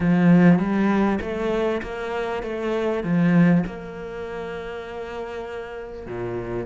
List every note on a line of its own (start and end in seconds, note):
0.00 0.58 F3
0.58 1.19 G3
1.21 1.81 A3
1.82 2.42 A#3
2.42 3.03 A3
3.03 3.64 F3
3.66 6.06 A#3
6.06 6.66 A#2